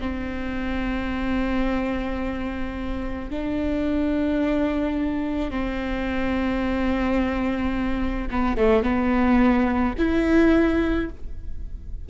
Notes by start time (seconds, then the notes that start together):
0.00 C4
3.30 D4
5.50 C4
8.30 B3
8.57 A3
8.82 B3
9.98 E4